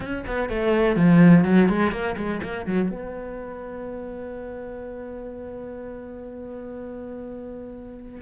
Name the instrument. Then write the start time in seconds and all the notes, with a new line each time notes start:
cello
0.00 C#4
0.26 B3
0.49 A3
0.96 F3
1.44 F#3
1.68 G#3
1.91 A#3
2.16 G#3
2.42 A#3
2.66 F#3
2.90 B3